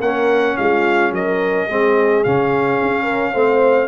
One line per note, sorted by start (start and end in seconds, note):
0.00 0.56 A#3
0.00 1.69 C#4
0.00 0.56 A#4
0.00 0.57 F#5
0.57 1.11 G#3
0.57 1.12 F4
0.57 1.12 F5
1.11 1.67 F#3
1.11 1.67 A#4
1.11 2.24 D#5
1.67 2.24 G#3
1.67 2.25 C4
1.67 3.03 G#4
2.24 2.81 C#3
2.24 3.33 C#4
2.24 3.87 F5
2.81 3.34 C#4
3.03 3.31 A#4
3.33 3.87 A3
3.33 3.87 C4
3.33 3.87 C5